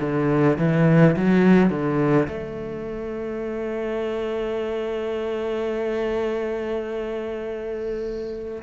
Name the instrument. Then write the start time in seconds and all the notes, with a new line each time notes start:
cello
0.00 D3
0.58 E3
1.16 F#3
1.69 D3
2.28 A3